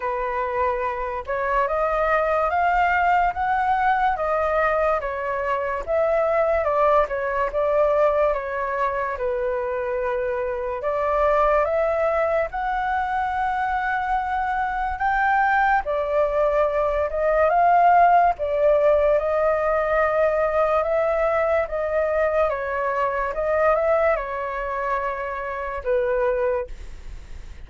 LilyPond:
\new Staff \with { instrumentName = "flute" } { \time 4/4 \tempo 4 = 72 b'4. cis''8 dis''4 f''4 | fis''4 dis''4 cis''4 e''4 | d''8 cis''8 d''4 cis''4 b'4~ | b'4 d''4 e''4 fis''4~ |
fis''2 g''4 d''4~ | d''8 dis''8 f''4 d''4 dis''4~ | dis''4 e''4 dis''4 cis''4 | dis''8 e''8 cis''2 b'4 | }